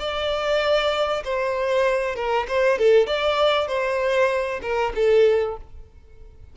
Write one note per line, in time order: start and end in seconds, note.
0.00 1.24 D5
1.25 2.16 C5
2.16 2.47 A#4
2.49 2.79 C5
2.79 3.07 A4
3.07 3.68 D5
3.68 4.61 C5
4.62 4.93 A#4
4.95 5.57 A4